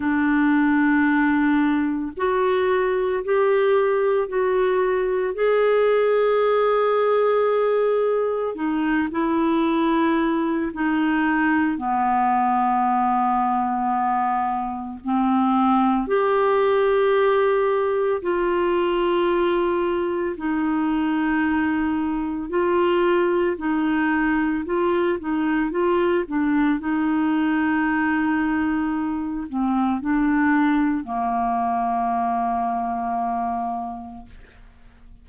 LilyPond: \new Staff \with { instrumentName = "clarinet" } { \time 4/4 \tempo 4 = 56 d'2 fis'4 g'4 | fis'4 gis'2. | dis'8 e'4. dis'4 b4~ | b2 c'4 g'4~ |
g'4 f'2 dis'4~ | dis'4 f'4 dis'4 f'8 dis'8 | f'8 d'8 dis'2~ dis'8 c'8 | d'4 ais2. | }